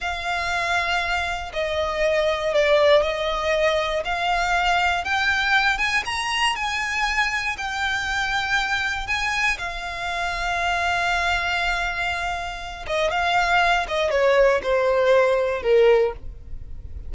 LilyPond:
\new Staff \with { instrumentName = "violin" } { \time 4/4 \tempo 4 = 119 f''2. dis''4~ | dis''4 d''4 dis''2 | f''2 g''4. gis''8 | ais''4 gis''2 g''4~ |
g''2 gis''4 f''4~ | f''1~ | f''4. dis''8 f''4. dis''8 | cis''4 c''2 ais'4 | }